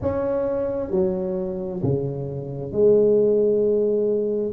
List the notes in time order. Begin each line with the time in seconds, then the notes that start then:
0.01 C#4
0.90 F#3
1.82 C#3
2.72 G#3